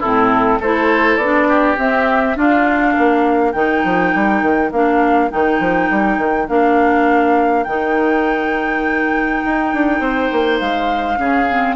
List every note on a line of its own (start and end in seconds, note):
0.00 0.59 A2
0.00 0.62 C4
0.00 0.59 E4
0.00 0.61 A4
0.59 1.17 A3
0.59 1.22 E4
0.59 1.48 A4
0.59 1.17 C5
1.17 1.76 B3
1.17 1.77 D4
1.17 1.76 D5
1.49 2.37 G4
1.77 2.36 C4
1.77 2.37 C4
1.77 2.38 E5
2.36 3.53 D4
2.36 2.96 D4
2.36 2.94 F4
2.36 3.52 F5
2.94 3.54 A#3
2.94 10.00 A#4
3.52 3.84 D#3
3.52 4.72 D#4
3.52 4.70 G5
3.84 4.14 F3
4.15 4.42 G3
4.42 4.72 D#3
4.72 5.31 A#3
4.72 5.30 D4
4.72 5.31 F5
5.30 5.59 D#3
5.30 6.47 D#4
5.30 6.49 G5
5.59 5.89 F3
5.90 6.18 G3
6.18 6.47 D#3
6.48 7.66 A#3
6.48 7.65 D4
6.48 7.64 F5
7.64 9.43 D#3
7.64 11.18 D#4
7.64 10.58 G5
9.45 9.74 D#4
9.74 10.00 D4
10.00 10.29 C4
10.00 11.19 C5
10.32 10.61 A#3
10.59 11.18 G#3
10.59 11.76 F5
11.18 11.76 C#3
11.18 11.47 C#4
11.18 11.76 G#4
11.49 11.76 C4